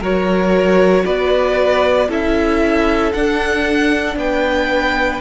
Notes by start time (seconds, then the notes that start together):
0.00 F#3 F#4 A#4 C#5
1.04 B3 B4 D5
2.08 C#4 E4 A4 E5
3.12 D4 F#5
4.16 B3 B4 G5